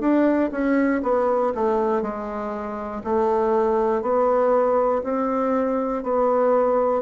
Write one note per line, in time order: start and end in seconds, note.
0.00 0.50 D4
0.51 1.01 C#4
1.03 1.53 B3
1.55 2.02 A3
2.02 3.02 G#3
3.04 4.02 A3
4.02 5.02 B3
5.04 6.03 C4
6.03 7.02 B3